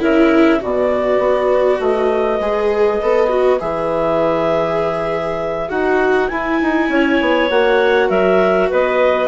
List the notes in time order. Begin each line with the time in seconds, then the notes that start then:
0.00 C#3 E4 A#4 E5
0.59 B2 F#4 B4 D5
1.19 B3
1.80 A3 D#5
2.40 G#3 G#4
3.03 B3 A4
3.29 F#4
3.60 E3 G#4 E5
5.70 D#4 F#4 F#5
6.29 E4 G#5
6.62 D#4
6.89 C#4 C#5
7.21 B3
7.50 A#3 F#4 F#5
8.10 F#3 A#4 E5
8.70 B3 B4 D#5